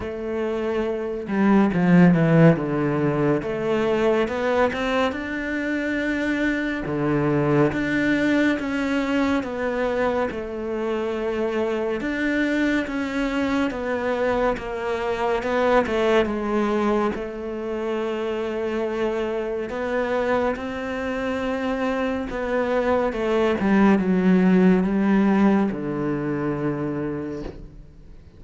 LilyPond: \new Staff \with { instrumentName = "cello" } { \time 4/4 \tempo 4 = 70 a4. g8 f8 e8 d4 | a4 b8 c'8 d'2 | d4 d'4 cis'4 b4 | a2 d'4 cis'4 |
b4 ais4 b8 a8 gis4 | a2. b4 | c'2 b4 a8 g8 | fis4 g4 d2 | }